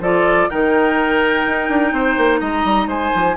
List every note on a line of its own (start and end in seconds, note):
0.00 0.48 F3
0.00 0.51 F4
0.00 0.50 A4
0.00 0.50 D5
0.50 1.46 D#3
0.50 3.37 D#4
0.50 1.93 A#4
0.50 2.40 G5
1.46 1.69 D#4
1.69 1.92 D4
1.92 2.16 C4
1.92 2.41 C5
2.18 2.41 A#3
2.40 2.65 G#3
2.40 2.88 D#5
2.40 2.88 A#5
2.65 2.87 G3
2.87 3.11 G#3
2.87 3.36 C5
2.87 3.37 G#5
3.15 3.37 F3